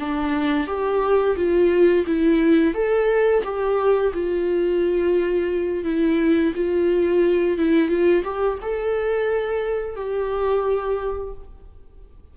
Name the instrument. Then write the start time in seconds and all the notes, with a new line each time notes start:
viola
0.00 D4
0.67 G4
1.36 F4
2.07 E4
2.74 A4
3.44 G4
4.14 F4
5.84 E4
6.55 F4
7.58 E4
7.89 F4
8.24 G4
8.62 A4
9.96 G4